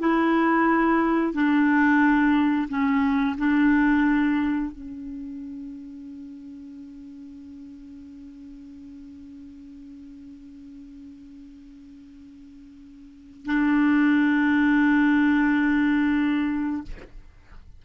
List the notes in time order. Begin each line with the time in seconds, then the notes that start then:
0.00 E4
1.34 D4
2.69 C#4
3.38 D4
4.72 C#4
13.46 D4